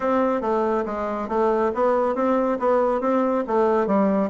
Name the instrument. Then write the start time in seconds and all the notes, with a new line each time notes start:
bassoon
0.00 C4
0.41 A3
0.85 G#3
1.28 A3
1.74 B3
2.15 C4
2.59 B3
3.00 C4
3.47 A3
3.86 G3